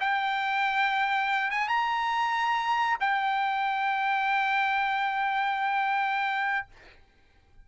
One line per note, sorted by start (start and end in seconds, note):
0.00 1.50 G5
1.50 1.68 G#5
1.68 2.98 A#5
3.00 6.67 G5